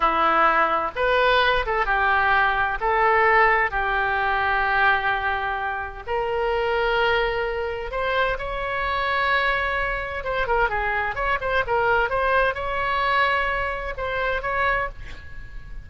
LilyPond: \new Staff \with { instrumentName = "oboe" } { \time 4/4 \tempo 4 = 129 e'2 b'4. a'8 | g'2 a'2 | g'1~ | g'4 ais'2.~ |
ais'4 c''4 cis''2~ | cis''2 c''8 ais'8 gis'4 | cis''8 c''8 ais'4 c''4 cis''4~ | cis''2 c''4 cis''4 | }